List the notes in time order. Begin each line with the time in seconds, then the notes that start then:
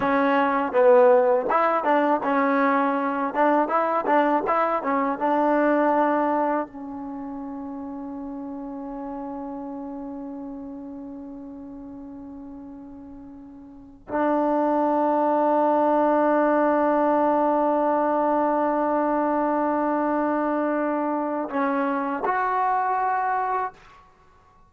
0.00 C#4
0.72 B3
1.49 E4
1.84 D4
2.23 C#4
3.33 D4
3.68 E4
4.06 D4
4.47 E4
4.82 C#4
5.19 D4
6.67 C#4
14.08 D4
21.49 C#4
22.25 F#4